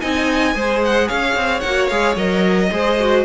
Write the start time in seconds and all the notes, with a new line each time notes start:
0.00 C4 D#4 D#5 G#5
0.54 G#3 G#4 C5
0.84 F#5
1.07 C#4 C#5 F5
1.35 C4
1.60 A#3 F#4 F#5
1.88 G#3 G#4 F5
2.16 F#3 A#4 D#5
2.71 G#3 G#4 C5
2.99 F#4